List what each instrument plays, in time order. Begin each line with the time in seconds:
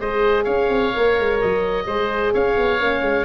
0.00 tuba G#3, horn G#4, oboe C5 D#5
0.44 tuba C#4, oboe C#5 F5
0.69 tuba C4
0.93 tuba A#3, horn A#4
1.19 tuba G#3
1.41 tuba F#3, oboe D#5
1.86 tuba G#3, horn G#4, oboe C5
2.33 tuba C#4, oboe C#5 F5
2.57 tuba B3
2.79 tuba A#3, horn C#4
3.02 tuba G#3